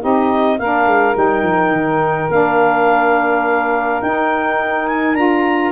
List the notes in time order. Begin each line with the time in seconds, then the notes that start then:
0.00 C4 D#4 G4 D#5
0.59 A#3 D4 A#4 F5
0.87 G#3
1.14 G3 D#4 G5
1.43 F3
1.71 D#3
2.30 A#3 D4 F5
4.02 D#4 G5
4.88 G#5
5.15 D4 F4 A#5